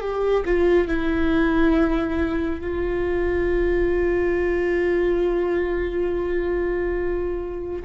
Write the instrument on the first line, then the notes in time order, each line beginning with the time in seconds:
viola
0.00 G4
0.45 F4
0.88 E4
2.61 F4